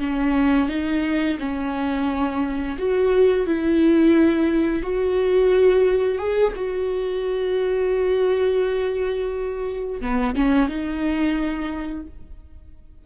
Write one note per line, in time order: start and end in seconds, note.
0.00 0.69 C#4
0.69 1.38 D#4
1.39 2.77 C#4
2.78 3.46 F#4
3.46 4.82 E4
4.82 6.18 F#4
6.18 6.53 G#4
6.55 10.00 F#4
10.01 10.35 B3
10.35 10.68 C#4
10.68 12.06 D#4